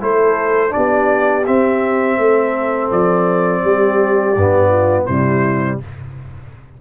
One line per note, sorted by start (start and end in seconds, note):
0.00 0.74 A3
0.00 0.70 E4
0.00 0.74 A4
0.00 0.73 C5
0.70 1.42 D4
0.70 2.20 G4
0.70 1.45 D5
0.77 1.48 B3
1.47 4.36 C4
1.47 2.18 C4
1.47 2.91 E5
2.18 2.91 A3
2.18 3.63 A4
2.91 3.64 F3
2.91 5.06 D5
3.63 4.36 G3
3.63 4.69 G4
4.36 5.08 G2
4.36 5.09 B3
4.69 5.05 F4
5.06 5.81 C3
5.06 5.81 G3
5.06 5.78 E4
5.06 5.78 C5